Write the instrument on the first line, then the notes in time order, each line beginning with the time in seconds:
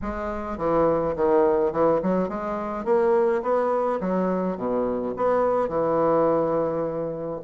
bassoon
0.02 G#3
0.57 E3
1.16 D#3
1.72 E3
2.02 F#3
2.28 G#3
2.84 A#3
3.42 B3
4.00 F#3
4.57 B2
5.16 B3
5.68 E3